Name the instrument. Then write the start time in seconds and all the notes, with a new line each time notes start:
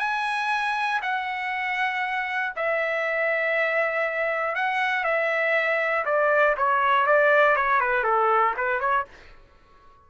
trumpet
0.00 G#5
1.02 F#5
2.56 E5
4.55 F#5
5.04 E5
6.05 D5
6.57 C#5
7.07 D5
7.56 C#5
7.81 B4
8.04 A4
8.57 B4
8.80 C#5